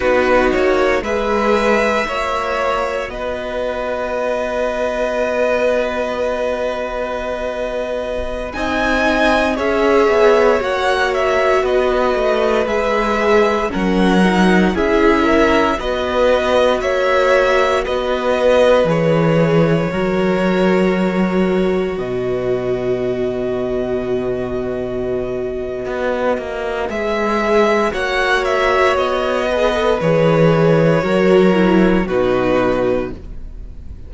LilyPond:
<<
  \new Staff \with { instrumentName = "violin" } { \time 4/4 \tempo 4 = 58 b'8 cis''8 e''2 dis''4~ | dis''1~ | dis''16 gis''4 e''4 fis''8 e''8 dis''8.~ | dis''16 e''4 fis''4 e''4 dis''8.~ |
dis''16 e''4 dis''4 cis''4.~ cis''16~ | cis''4~ cis''16 dis''2~ dis''8.~ | dis''2 e''4 fis''8 e''8 | dis''4 cis''2 b'4 | }
  \new Staff \with { instrumentName = "violin" } { \time 4/4 fis'4 b'4 cis''4 b'4~ | b'1~ | b'16 dis''4 cis''2 b'8.~ | b'4~ b'16 ais'4 gis'8 ais'8 b'8.~ |
b'16 cis''4 b'2 ais'8.~ | ais'4~ ais'16 b'2~ b'8.~ | b'2. cis''4~ | cis''8 b'4. ais'4 fis'4 | }
  \new Staff \with { instrumentName = "viola" } { \time 4/4 dis'4 gis'4 fis'2~ | fis'1~ | fis'16 dis'4 gis'4 fis'4.~ fis'16~ | fis'16 gis'4 cis'8 dis'8 e'4 fis'8.~ |
fis'2~ fis'16 gis'4 fis'8.~ | fis'1~ | fis'2 gis'4 fis'4~ | fis'8 gis'16 a'16 gis'4 fis'8 e'8 dis'4 | }
  \new Staff \with { instrumentName = "cello" } { \time 4/4 b8 ais8 gis4 ais4 b4~ | b1~ | b16 c'4 cis'8 b8 ais4 b8 a16~ | a16 gis4 fis4 cis'4 b8.~ |
b16 ais4 b4 e4 fis8.~ | fis4~ fis16 b,2~ b,8.~ | b,4 b8 ais8 gis4 ais4 | b4 e4 fis4 b,4 | }
>>